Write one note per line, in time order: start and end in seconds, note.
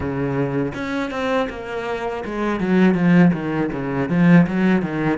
0.00 0.72 C#3
0.74 1.10 C#4
1.10 1.47 C4
1.49 2.24 A#3
2.25 2.59 G#3
2.59 2.94 F#3
2.94 3.31 F3
3.33 3.70 D#3
3.72 4.09 C#3
4.09 4.46 F3
4.46 4.81 F#3
4.81 5.18 D#3